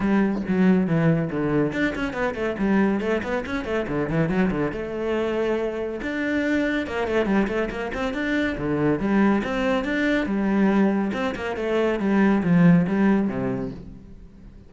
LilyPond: \new Staff \with { instrumentName = "cello" } { \time 4/4 \tempo 4 = 140 g4 fis4 e4 d4 | d'8 cis'8 b8 a8 g4 a8 b8 | cis'8 a8 d8 e8 fis8 d8 a4~ | a2 d'2 |
ais8 a8 g8 a8 ais8 c'8 d'4 | d4 g4 c'4 d'4 | g2 c'8 ais8 a4 | g4 f4 g4 c4 | }